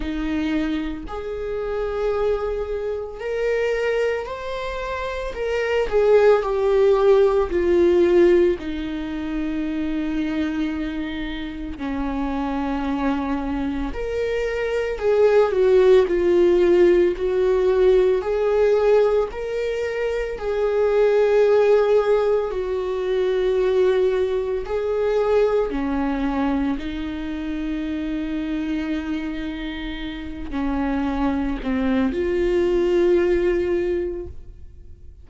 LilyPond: \new Staff \with { instrumentName = "viola" } { \time 4/4 \tempo 4 = 56 dis'4 gis'2 ais'4 | c''4 ais'8 gis'8 g'4 f'4 | dis'2. cis'4~ | cis'4 ais'4 gis'8 fis'8 f'4 |
fis'4 gis'4 ais'4 gis'4~ | gis'4 fis'2 gis'4 | cis'4 dis'2.~ | dis'8 cis'4 c'8 f'2 | }